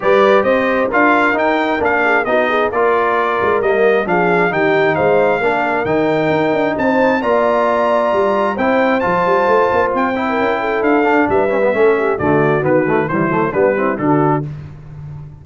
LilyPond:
<<
  \new Staff \with { instrumentName = "trumpet" } { \time 4/4 \tempo 4 = 133 d''4 dis''4 f''4 g''4 | f''4 dis''4 d''2 | dis''4 f''4 g''4 f''4~ | f''4 g''2 a''4 |
ais''2. g''4 | a''2 g''2 | f''4 e''2 d''4 | b'4 c''4 b'4 a'4 | }
  \new Staff \with { instrumentName = "horn" } { \time 4/4 b'4 c''4 ais'2~ | ais'8 gis'8 fis'8 gis'8 ais'2~ | ais'4 gis'4 g'4 c''4 | ais'2. c''4 |
d''2. c''4~ | c''2~ c''8. ais'8. a'8~ | a'4 b'4 a'8 g'8 fis'4~ | fis'4 e'4 d'8 e'8 fis'4 | }
  \new Staff \with { instrumentName = "trombone" } { \time 4/4 g'2 f'4 dis'4 | d'4 dis'4 f'2 | ais4 d'4 dis'2 | d'4 dis'2. |
f'2. e'4 | f'2~ f'8 e'4.~ | e'8 d'4 cis'16 b16 cis'4 a4 | b8 a8 g8 a8 b8 c'8 d'4 | }
  \new Staff \with { instrumentName = "tuba" } { \time 4/4 g4 c'4 d'4 dis'4 | ais4 b4 ais4. gis8 | g4 f4 dis4 gis4 | ais4 dis4 dis'8 d'8 c'4 |
ais2 g4 c'4 | f8 g8 a8 ais8 c'4 cis'4 | d'4 g4 a4 d4 | dis4 e8 fis8 g4 d4 | }
>>